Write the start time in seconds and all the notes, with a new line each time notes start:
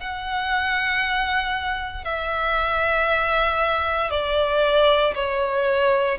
0.00 F#5
2.05 E5
4.11 D5
5.15 C#5